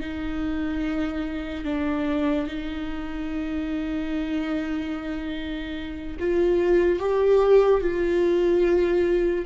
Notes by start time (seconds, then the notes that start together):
0.00 D#4
1.65 D4
2.47 D#4
6.19 F4
6.99 G4
7.81 F4